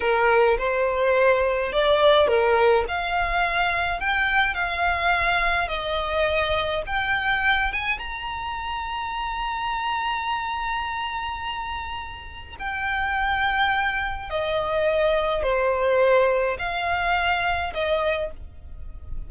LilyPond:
\new Staff \with { instrumentName = "violin" } { \time 4/4 \tempo 4 = 105 ais'4 c''2 d''4 | ais'4 f''2 g''4 | f''2 dis''2 | g''4. gis''8 ais''2~ |
ais''1~ | ais''2 g''2~ | g''4 dis''2 c''4~ | c''4 f''2 dis''4 | }